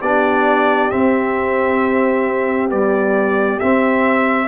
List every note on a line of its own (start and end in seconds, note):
0.00 0.91 B3
0.00 0.92 D4
0.00 4.48 G4
0.00 0.90 D5
0.90 2.70 C4
0.90 2.71 C4
0.90 2.70 E5
2.70 3.61 G3
2.70 3.60 B3
2.70 3.59 D5
3.59 4.48 C4
3.59 4.48 E5